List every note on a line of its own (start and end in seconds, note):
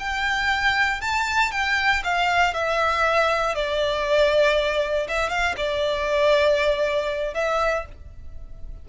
0.00 1.02 G5
1.02 1.52 A5
1.52 2.03 G5
2.05 2.54 F5
2.54 3.55 E5
3.55 5.08 D5
5.08 5.30 E5
5.30 5.55 F5
5.57 7.35 D5
7.35 7.86 E5